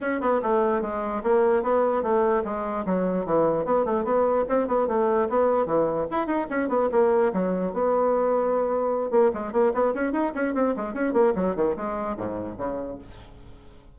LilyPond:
\new Staff \with { instrumentName = "bassoon" } { \time 4/4 \tempo 4 = 148 cis'8 b8 a4 gis4 ais4 | b4 a4 gis4 fis4 | e4 b8 a8 b4 c'8 b8 | a4 b4 e4 e'8 dis'8 |
cis'8 b8 ais4 fis4 b4~ | b2~ b8 ais8 gis8 ais8 | b8 cis'8 dis'8 cis'8 c'8 gis8 cis'8 ais8 | fis8 dis8 gis4 gis,4 cis4 | }